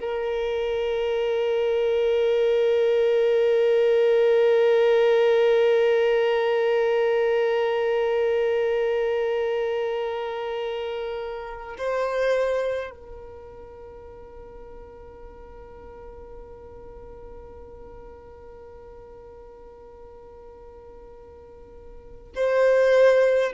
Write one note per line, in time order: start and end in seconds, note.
0.00 11.76 A#4
11.78 12.90 C5
12.90 22.32 A#4
22.35 23.53 C5